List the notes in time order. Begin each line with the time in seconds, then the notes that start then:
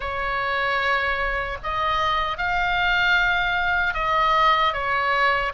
0.00 C#5
1.63 D#5
2.37 F5
3.94 D#5
4.73 C#5